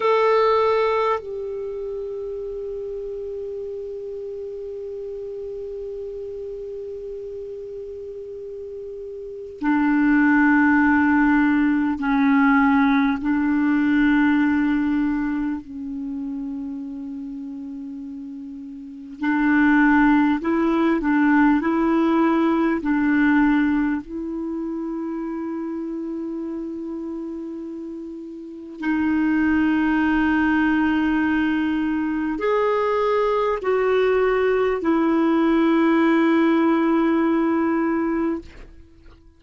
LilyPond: \new Staff \with { instrumentName = "clarinet" } { \time 4/4 \tempo 4 = 50 a'4 g'2.~ | g'1 | d'2 cis'4 d'4~ | d'4 cis'2. |
d'4 e'8 d'8 e'4 d'4 | e'1 | dis'2. gis'4 | fis'4 e'2. | }